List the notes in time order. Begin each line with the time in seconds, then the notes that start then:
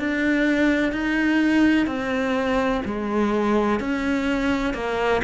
0.00 D4
0.93 D#4
1.87 C4
2.85 G#3
3.80 C#4
4.74 A#3